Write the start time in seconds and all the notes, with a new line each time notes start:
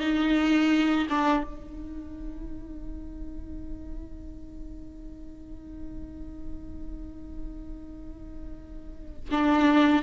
0.00 D#4
1.10 D4
1.44 D#4
9.31 D4